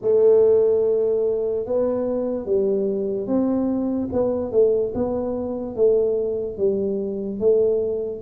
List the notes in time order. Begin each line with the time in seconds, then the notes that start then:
0.01 A3
1.66 B3
2.45 G3
3.27 C4
4.12 B3
4.51 A3
4.94 B3
5.75 A3
6.57 G3
7.39 A3